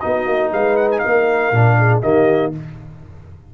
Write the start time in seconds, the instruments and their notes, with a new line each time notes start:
0.00 tuba B3, trombone D#4, horn F#4, trumpet D#5
0.27 tuba A#3
0.52 tuba G#3, horn B4, trumpet F5
0.77 trumpet F#5
0.92 trumpet G#5
0.99 horn A#4, trumpet F5
1.06 tuba A#3
1.52 tuba A#2, trombone D4
1.78 horn G#4
2.02 tuba D#3, trombone A#3, horn G4, trumpet D#5